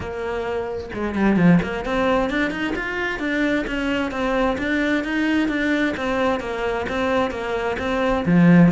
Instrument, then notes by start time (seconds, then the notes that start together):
cello
0.00 A#3
0.93 G#3
1.15 G3
1.36 F3
1.62 A#3
1.85 C4
2.30 D4
2.50 D#4
2.75 F4
3.19 D4
3.66 C#4
4.11 C4
4.58 D4
5.04 D#4
5.48 D4
5.97 C4
6.40 A#3
6.88 C4
7.31 A#3
7.79 C4
8.25 F3